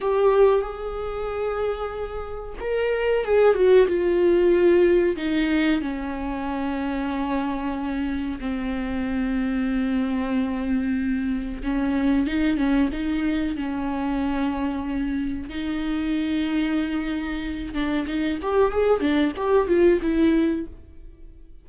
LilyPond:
\new Staff \with { instrumentName = "viola" } { \time 4/4 \tempo 4 = 93 g'4 gis'2. | ais'4 gis'8 fis'8 f'2 | dis'4 cis'2.~ | cis'4 c'2.~ |
c'2 cis'4 dis'8 cis'8 | dis'4 cis'2. | dis'2.~ dis'8 d'8 | dis'8 g'8 gis'8 d'8 g'8 f'8 e'4 | }